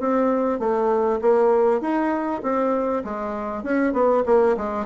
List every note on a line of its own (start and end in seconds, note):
0.00 0.60 C4
0.60 1.20 A3
1.22 1.81 A#3
1.81 2.42 D#4
2.43 3.04 C4
3.04 3.64 G#3
3.64 3.93 C#4
3.93 4.24 B3
4.26 4.56 A#3
4.57 4.86 G#3